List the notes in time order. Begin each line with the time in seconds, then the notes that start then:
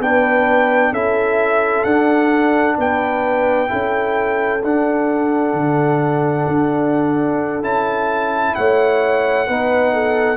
0.00 B3 D4 B4 G5
0.92 C#4 E4 A4 E5
1.84 D4 F#5
2.78 B3 B4 G5
3.68 C#4 E4 A4
4.63 D4 F#5
5.54 D3
6.48 D4
7.62 C#4 E4 A5
8.56 A3 C#5 F#5
9.47 B3 D#4 B4
9.94 A4